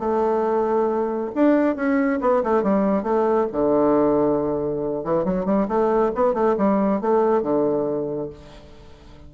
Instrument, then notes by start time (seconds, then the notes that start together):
bassoon
0.00 A3
1.35 D4
1.76 C#4
2.22 B3
2.44 A3
2.63 G3
3.03 A3
3.53 D3
5.05 E3
5.25 F#3
5.46 G3
5.69 A3
6.16 B3
6.34 A3
6.58 G3
7.02 A3
7.43 D3